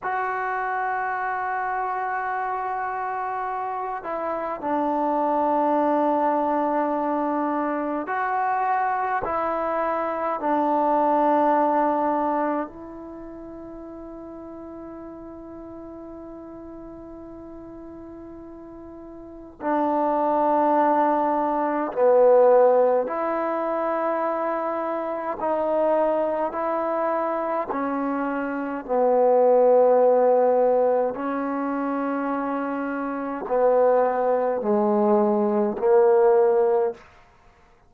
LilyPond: \new Staff \with { instrumentName = "trombone" } { \time 4/4 \tempo 4 = 52 fis'2.~ fis'8 e'8 | d'2. fis'4 | e'4 d'2 e'4~ | e'1~ |
e'4 d'2 b4 | e'2 dis'4 e'4 | cis'4 b2 cis'4~ | cis'4 b4 gis4 ais4 | }